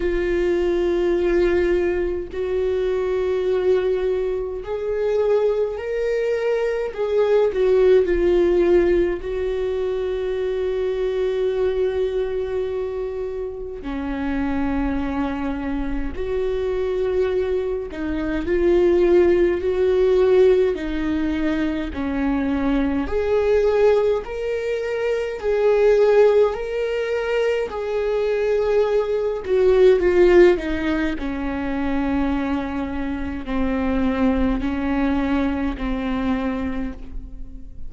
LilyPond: \new Staff \with { instrumentName = "viola" } { \time 4/4 \tempo 4 = 52 f'2 fis'2 | gis'4 ais'4 gis'8 fis'8 f'4 | fis'1 | cis'2 fis'4. dis'8 |
f'4 fis'4 dis'4 cis'4 | gis'4 ais'4 gis'4 ais'4 | gis'4. fis'8 f'8 dis'8 cis'4~ | cis'4 c'4 cis'4 c'4 | }